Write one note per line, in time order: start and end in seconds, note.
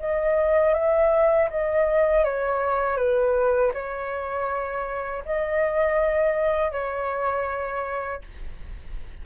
0.00 0.74 D#5
0.74 1.49 E5
1.50 2.25 D#5
2.25 2.97 C#5
2.97 3.72 B4
3.74 5.24 C#5
5.26 6.72 D#5
6.72 8.22 C#5